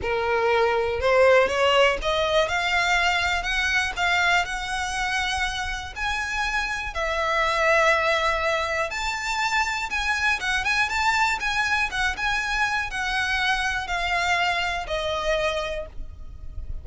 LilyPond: \new Staff \with { instrumentName = "violin" } { \time 4/4 \tempo 4 = 121 ais'2 c''4 cis''4 | dis''4 f''2 fis''4 | f''4 fis''2. | gis''2 e''2~ |
e''2 a''2 | gis''4 fis''8 gis''8 a''4 gis''4 | fis''8 gis''4. fis''2 | f''2 dis''2 | }